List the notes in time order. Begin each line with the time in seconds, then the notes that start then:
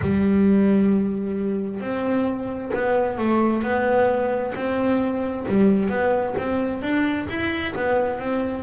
0.01 G3
1.80 C4
2.73 B3
3.17 A3
3.62 B3
4.55 C4
5.48 G3
5.89 B3
6.38 C4
6.81 D4
7.28 E4
7.75 B3
8.19 C4